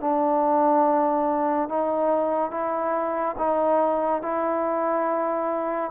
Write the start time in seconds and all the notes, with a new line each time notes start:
0.00 D4
1.69 D#4
2.50 E4
3.38 D#4
4.22 E4